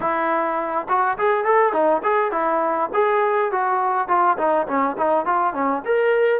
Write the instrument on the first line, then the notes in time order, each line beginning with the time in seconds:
trombone
0.00 E4
0.88 F#4
1.18 G#4
1.44 A4
1.72 D#4
2.03 G#4
2.31 E4
2.93 G#4
3.51 F#4
4.08 F4
4.37 D#4
4.67 C#4
4.97 D#4
5.25 F4
5.53 C#4
5.85 A#4